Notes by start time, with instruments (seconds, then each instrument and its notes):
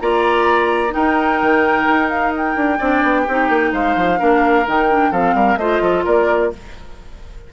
0.00 bassoon A#3, clarinet F4, oboe D5, flute A#5
0.89 clarinet D#4, oboe A#4, flute G5
0.96 bassoon D#4
1.42 bassoon D#3
1.87 bassoon D#4
2.09 flute F5
2.37 flute G5
2.56 bassoon D4
2.78 bassoon C4, clarinet D4, oboe D5
3.03 bassoon B3
3.22 oboe G4
3.28 bassoon C4, clarinet D#4
3.49 bassoon A#3
3.72 bassoon G#3, oboe C5, flute F5
3.96 bassoon F3
4.18 bassoon A#3, clarinet D4, oboe A#4
4.66 bassoon D#3, clarinet D#4, flute G5
4.90 clarinet D4
5.11 bassoon F3, clarinet C4, oboe A4, flute F5
5.34 bassoon G3, oboe A#4
5.56 bassoon A3, clarinet F4, oboe C5, flute D#5
5.81 bassoon F3, oboe A4
6.04 bassoon A#3, oboe A#4, flute D5